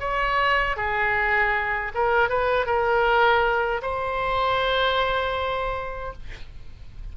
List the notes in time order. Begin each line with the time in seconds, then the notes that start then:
0.00 C#5
0.77 G#4
1.94 A#4
2.29 B4
2.66 A#4
3.82 C5